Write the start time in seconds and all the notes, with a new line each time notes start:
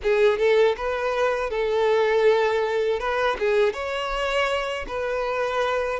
0.02 G#4
0.38 A4
0.76 B4
1.50 A4
2.99 B4
3.39 G#4
3.73 C#5
4.87 B4